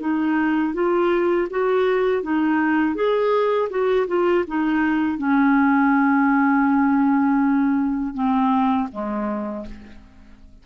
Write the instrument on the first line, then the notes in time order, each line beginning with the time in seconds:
clarinet
0.00 D#4
0.73 F4
1.50 F#4
2.22 D#4
2.95 G#4
3.69 F#4
4.07 F4
4.47 D#4
5.18 C#4
8.14 C4
8.92 G#3